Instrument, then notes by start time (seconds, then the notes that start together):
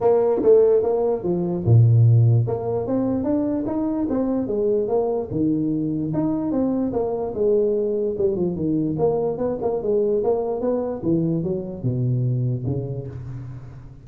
tuba
0.01 A#3
0.42 A3
0.82 A#3
1.23 F3
1.65 A#2
2.47 A#3
2.87 C4
3.23 D4
3.66 D#4
4.09 C4
4.47 G#3
4.87 A#3
5.30 D#3
6.13 D#4
6.51 C4
6.93 A#3
7.34 G#3
8.17 G3
8.35 F3
8.55 D#3
8.98 A#3
9.37 B3
9.61 A#3
9.82 G#3
10.23 A#3
10.60 B3
11.03 E3
11.43 F#3
11.83 B2
12.66 C#3